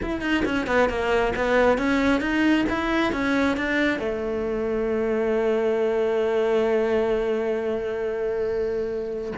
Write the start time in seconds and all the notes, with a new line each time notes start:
0.02 E4
0.21 D#4
0.45 C#4
0.67 B3
0.89 A#3
1.35 B3
1.77 C#4
2.21 D#4
2.69 E4
3.12 C#4
3.56 D4
3.99 A3